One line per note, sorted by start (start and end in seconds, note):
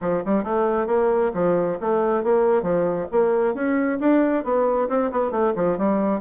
0.01 0.23 F3
0.25 0.43 G3
0.43 0.87 A3
0.87 1.31 A#3
1.34 1.78 F3
1.80 2.23 A3
2.23 2.62 A#3
2.62 3.06 F3
3.11 3.54 A#3
3.54 3.99 C#4
4.00 4.43 D4
4.43 4.88 B3
4.88 5.11 C4
5.11 5.31 B3
5.31 5.53 A3
5.55 5.77 F3
5.77 6.21 G3